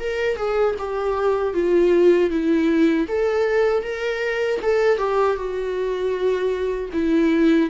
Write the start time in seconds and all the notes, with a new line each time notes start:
0.00 A#4
0.37 G#4
0.79 G4
1.54 F4
2.30 E4
3.09 A4
3.84 A#4
4.63 A4
4.98 G4
5.36 F#4
6.94 E4